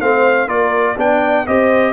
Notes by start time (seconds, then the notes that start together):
0.00 A3 C4 C5 F5
0.48 A#3 F4 A#4 D5
0.98 B3 D4 D5 G5
1.47 C4 G4 C5 D#5